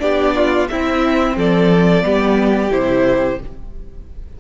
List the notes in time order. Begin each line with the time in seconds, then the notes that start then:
0.00 B3 D4 G4 D5
0.36 F4
0.69 C4 E4 E5
1.37 F3 A4 D5
2.03 G3 B3 G4
2.72 C3 E4 C5